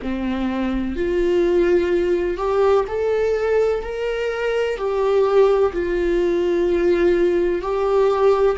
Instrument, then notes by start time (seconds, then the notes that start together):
viola
0.02 C4
0.96 F4
2.37 G4
2.87 A4
3.83 A#4
4.77 G4
5.72 F4
7.61 G4